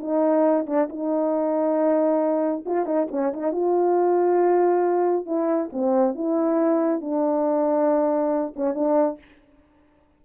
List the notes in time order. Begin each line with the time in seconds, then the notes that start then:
0.00 D#4
0.66 D4
0.89 D#4
2.66 F4
2.85 D#4
3.11 C#4
3.33 D#4
3.52 F4
5.26 E4
5.72 C4
6.15 E4
7.01 D4
8.56 C#4
8.75 D4